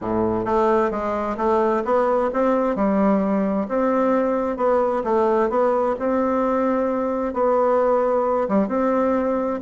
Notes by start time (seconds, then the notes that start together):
0.01 A2
0.45 A3
0.90 G#3
1.37 A3
1.84 B3
2.33 C4
2.75 G3
3.68 C4
4.57 B3
5.03 A3
5.49 B3
5.99 C4
7.33 B3
8.48 G3
8.68 C4